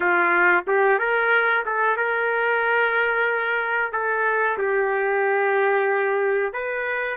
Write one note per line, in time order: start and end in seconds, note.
0.00 0.64 F4
0.67 0.98 G4
0.98 1.64 A#4
1.65 1.96 A4
1.96 3.92 A#4
3.92 4.57 A4
4.58 6.53 G4
6.53 7.17 B4